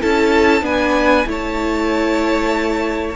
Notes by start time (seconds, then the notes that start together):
0.00 C#4 E4 A4 A5
0.61 B3 D4 B4 G#5
1.25 A3 E4 C#5 A5